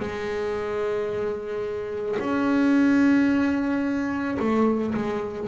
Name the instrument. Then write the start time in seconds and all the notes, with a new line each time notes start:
double bass
0.00 G#3
2.20 C#4
4.40 A3
4.95 G#3